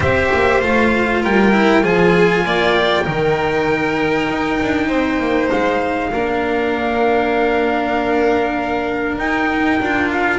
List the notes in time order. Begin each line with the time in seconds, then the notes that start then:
0.00 C4 G4 C5 E5
0.33 A#3
0.61 A3 F4 F5
1.22 G3 A#4 G5
1.52 E4
1.82 F3 F4 G#4 G#5
2.45 A#3 D5
2.74 G5
3.03 D#3 D#4 A#4
4.29 D#4
4.62 D4
4.87 C4 C5
5.19 A#3
5.51 G#3 F5
6.12 A#3 D4 A#4
9.18 D#4 G5
9.80 D4 F4
10.11 F5